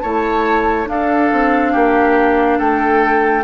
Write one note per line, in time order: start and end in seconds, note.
0.00 0.88 A3
0.00 0.86 E4
0.00 0.88 C#5
0.00 0.86 A5
0.86 3.43 D4
0.86 1.31 D4
0.86 1.73 A4
0.86 2.59 F5
1.32 1.75 C4
1.73 2.60 A#3
1.73 2.58 G4
2.58 3.44 A3
2.58 3.44 A4
2.58 3.44 G5